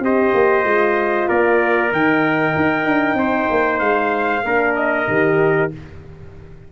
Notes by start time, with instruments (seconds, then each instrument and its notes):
0.00 tuba C4, horn G4, trumpet C5 D#5
0.34 tuba A#3
0.64 tuba G#3, horn F4
1.29 tuba A#3, trumpet A#4 D5
1.91 tuba D#3, horn D#4, trumpet G5
2.56 tuba D#4
2.85 tuba D4
3.14 tuba C4, trumpet C5
3.51 tuba A#3
3.79 tuba G#3, trumpet F5
4.44 tuba A#3, horn D4, trumpet A#4
4.76 trumpet D#5
5.08 tuba D#3, horn G4